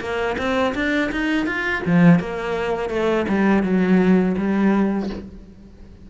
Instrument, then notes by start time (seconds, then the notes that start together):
cello
0.00 A#3
0.37 C4
0.74 D4
1.11 D#4
1.46 F4
1.86 F3
2.19 A#3
2.89 A3
3.28 G3
3.63 F#3
4.37 G3